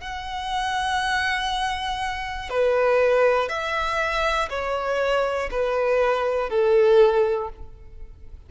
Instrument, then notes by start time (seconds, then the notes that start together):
violin
0.00 F#5
2.49 B4
3.49 E5
4.50 C#5
5.50 B4
6.49 A4